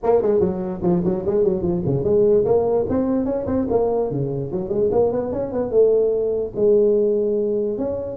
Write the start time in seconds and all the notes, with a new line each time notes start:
0.03 A#3
0.22 G#3
0.40 F#3
0.82 F3
1.04 F#3
1.25 G#3
1.44 F#3
1.62 F3
1.85 C#3
2.04 G#3
2.45 A#3
2.89 C4
3.25 C#4
3.46 C4
3.70 A#3
4.10 C#3
4.52 F#3
4.69 G#3
4.91 A#3
5.12 B3
5.32 C#4
5.52 B3
5.70 A3
6.55 G#3
7.78 C#4